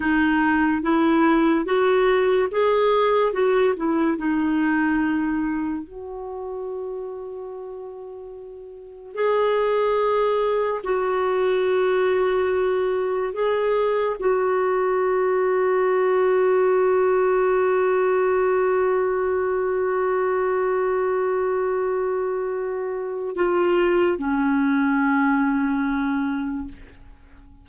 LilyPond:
\new Staff \with { instrumentName = "clarinet" } { \time 4/4 \tempo 4 = 72 dis'4 e'4 fis'4 gis'4 | fis'8 e'8 dis'2 fis'4~ | fis'2. gis'4~ | gis'4 fis'2. |
gis'4 fis'2.~ | fis'1~ | fis'1 | f'4 cis'2. | }